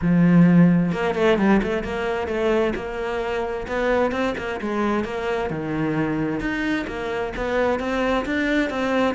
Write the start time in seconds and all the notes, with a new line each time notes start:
0.01 F3
0.92 A#3
1.15 A3
1.37 G3
1.62 A3
1.83 A#3
2.27 A3
2.75 A#3
3.67 B3
4.11 C4
4.37 A#3
4.61 G#3
5.04 A#3
5.50 D#3
6.40 D#4
6.87 A#3
7.36 B3
7.79 C4
8.25 D4
8.70 C4